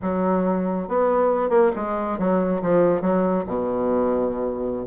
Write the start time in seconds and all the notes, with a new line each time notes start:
0.02 F#3
0.88 B3
1.49 A#3
1.75 G#3
2.18 F#3
2.62 F3
3.01 F#3
3.46 B2